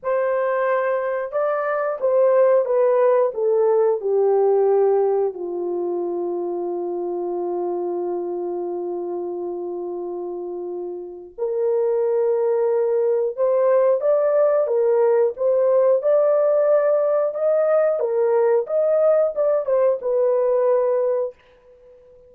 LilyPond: \new Staff \with { instrumentName = "horn" } { \time 4/4 \tempo 4 = 90 c''2 d''4 c''4 | b'4 a'4 g'2 | f'1~ | f'1~ |
f'4 ais'2. | c''4 d''4 ais'4 c''4 | d''2 dis''4 ais'4 | dis''4 d''8 c''8 b'2 | }